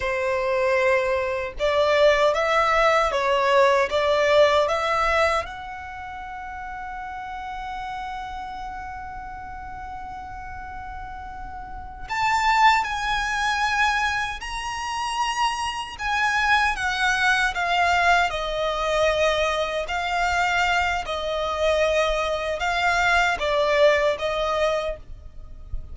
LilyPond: \new Staff \with { instrumentName = "violin" } { \time 4/4 \tempo 4 = 77 c''2 d''4 e''4 | cis''4 d''4 e''4 fis''4~ | fis''1~ | fis''2.~ fis''8 a''8~ |
a''8 gis''2 ais''4.~ | ais''8 gis''4 fis''4 f''4 dis''8~ | dis''4. f''4. dis''4~ | dis''4 f''4 d''4 dis''4 | }